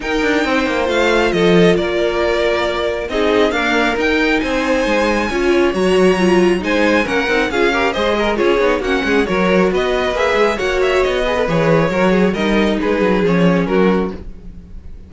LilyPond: <<
  \new Staff \with { instrumentName = "violin" } { \time 4/4 \tempo 4 = 136 g''2 f''4 dis''4 | d''2. dis''4 | f''4 g''4 gis''2~ | gis''4 ais''2 gis''4 |
fis''4 f''4 dis''4 cis''4 | fis''4 cis''4 dis''4 e''4 | fis''8 e''8 dis''4 cis''2 | dis''4 b'4 cis''4 ais'4 | }
  \new Staff \with { instrumentName = "violin" } { \time 4/4 ais'4 c''2 a'4 | ais'2. gis'4 | ais'2 c''2 | cis''2. c''4 |
ais'4 gis'8 ais'8 c''8 ais'8 gis'4 | fis'8 gis'8 ais'4 b'2 | cis''4. b'4. ais'8 gis'8 | ais'4 gis'2 fis'4 | }
  \new Staff \with { instrumentName = "viola" } { \time 4/4 dis'2 f'2~ | f'2. dis'4 | ais4 dis'2. | f'4 fis'4 f'4 dis'4 |
cis'8 dis'8 f'8 g'8 gis'4 f'8 dis'8 | cis'4 fis'2 gis'4 | fis'4. gis'16 a'16 gis'4 fis'4 | dis'2 cis'2 | }
  \new Staff \with { instrumentName = "cello" } { \time 4/4 dis'8 d'8 c'8 ais8 a4 f4 | ais2. c'4 | d'4 dis'4 c'4 gis4 | cis'4 fis2 gis4 |
ais8 c'8 cis'4 gis4 cis'8 b8 | ais8 gis8 fis4 b4 ais8 gis8 | ais4 b4 e4 fis4 | g4 gis8 fis8 f4 fis4 | }
>>